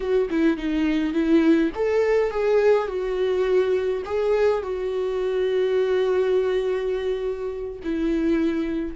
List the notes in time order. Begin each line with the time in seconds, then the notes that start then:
0.00 F#4
0.30 E4
0.57 D#4
1.13 E4
1.75 A4
2.31 G#4
2.87 F#4
4.05 G#4
4.62 F#4
7.83 E4